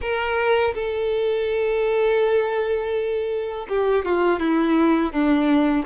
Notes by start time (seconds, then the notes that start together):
0.01 A#4
0.74 A4
3.69 G4
4.05 F4
4.39 E4
5.12 D4